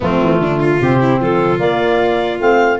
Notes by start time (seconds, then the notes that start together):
0.00 F3 A3 C4 F4
0.22 E3
0.39 D3 D4
0.59 F4
0.80 C3 C4 G4
1.00 E4
1.20 F3 F4 A4
1.57 A#3 D5
2.39 A3 C4 F5